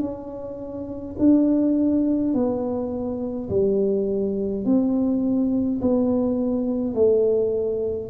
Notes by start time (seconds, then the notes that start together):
0.00 C#4
1.18 D4
2.33 B3
3.49 G3
4.65 C4
5.81 B3
6.94 A3